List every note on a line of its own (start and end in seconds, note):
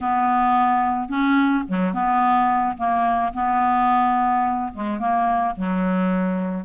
0.00 1.09 B3
1.09 1.64 C#4
1.68 1.93 F#3
1.93 2.76 B3
2.77 3.33 A#3
3.33 4.72 B3
4.73 4.99 G#3
4.99 5.55 A#3
5.56 6.65 F#3